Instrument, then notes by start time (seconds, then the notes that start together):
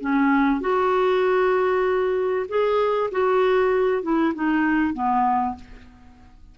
clarinet
0.00 C#4
0.60 F#4
2.48 G#4
3.11 F#4
4.02 E4
4.34 D#4
4.93 B3